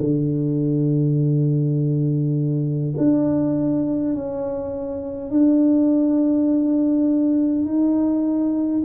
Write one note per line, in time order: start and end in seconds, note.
0.00 2.94 D3
2.98 4.15 D4
4.15 5.30 C#4
5.30 7.65 D4
7.65 8.83 D#4